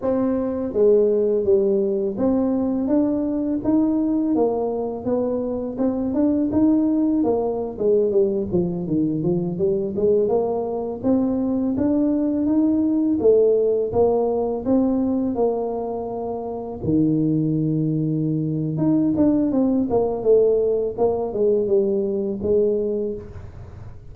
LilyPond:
\new Staff \with { instrumentName = "tuba" } { \time 4/4 \tempo 4 = 83 c'4 gis4 g4 c'4 | d'4 dis'4 ais4 b4 | c'8 d'8 dis'4 ais8. gis8 g8 f16~ | f16 dis8 f8 g8 gis8 ais4 c'8.~ |
c'16 d'4 dis'4 a4 ais8.~ | ais16 c'4 ais2 dis8.~ | dis2 dis'8 d'8 c'8 ais8 | a4 ais8 gis8 g4 gis4 | }